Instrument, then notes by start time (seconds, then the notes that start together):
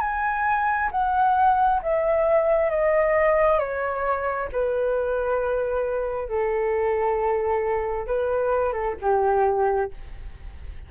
flute
0.00 G#5
0.92 F#5
1.82 E5
2.70 D#5
3.59 C#5
4.52 B4
6.29 A4
8.07 B4
8.73 A4
9.01 G4